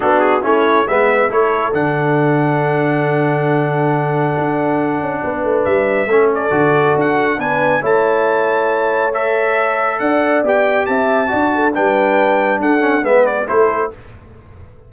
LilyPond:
<<
  \new Staff \with { instrumentName = "trumpet" } { \time 4/4 \tempo 4 = 138 a'8 gis'8 cis''4 e''4 cis''4 | fis''1~ | fis''1~ | fis''4 e''4. d''4. |
fis''4 gis''4 a''2~ | a''4 e''2 fis''4 | g''4 a''2 g''4~ | g''4 fis''4 e''8 d''8 c''4 | }
  \new Staff \with { instrumentName = "horn" } { \time 4/4 fis'4 e'4 b'4 a'4~ | a'1~ | a'1 | b'2 a'2~ |
a'4 b'4 cis''2~ | cis''2. d''4~ | d''4 e''4 d''8 a'8 b'4~ | b'4 a'4 b'4 a'4 | }
  \new Staff \with { instrumentName = "trombone" } { \time 4/4 d'4 cis'4 b4 e'4 | d'1~ | d'1~ | d'2 cis'4 fis'4~ |
fis'4 d'4 e'2~ | e'4 a'2. | g'2 fis'4 d'4~ | d'4. cis'8 b4 e'4 | }
  \new Staff \with { instrumentName = "tuba" } { \time 4/4 b4 a4 gis4 a4 | d1~ | d2 d'4. cis'8 | b8 a8 g4 a4 d4 |
d'4 b4 a2~ | a2. d'4 | b4 c'4 d'4 g4~ | g4 d'4 gis4 a4 | }
>>